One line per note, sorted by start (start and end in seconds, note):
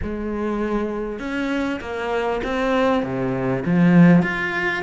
0.02 1.19 G#3
1.19 1.80 C#4
1.80 2.41 A#3
2.43 3.03 C4
3.03 3.64 C3
3.65 4.22 F3
4.22 4.83 F4